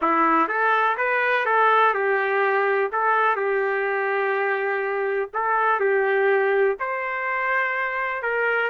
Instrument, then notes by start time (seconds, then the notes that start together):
trumpet
0.01 E4
0.48 A4
0.97 B4
1.45 A4
1.94 G4
2.92 A4
3.36 G4
5.33 A4
5.80 G4
6.79 C5
8.22 A#4